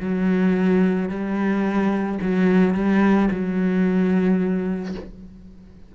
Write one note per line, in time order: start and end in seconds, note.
0.00 1.09 F#3
1.09 2.18 G3
2.22 2.75 F#3
2.75 3.29 G3
3.31 4.95 F#3